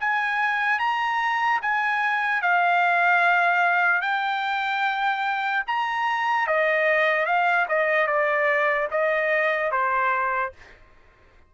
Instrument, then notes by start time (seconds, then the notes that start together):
trumpet
0.00 G#5
0.79 A#5
1.62 G#5
2.42 F5
4.01 G5
5.67 A#5
6.47 D#5
7.25 F5
7.68 D#5
8.07 D5
8.91 D#5
9.71 C5